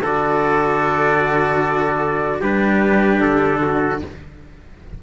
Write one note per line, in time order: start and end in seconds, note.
0.00 2.40 D3
0.00 2.42 F#4
0.00 2.40 A4
0.00 2.42 D5
2.40 3.21 G3
2.40 4.02 D4
2.40 3.60 G4
2.40 3.21 B4
3.21 4.01 D3
3.21 4.00 A4
3.62 4.02 F#4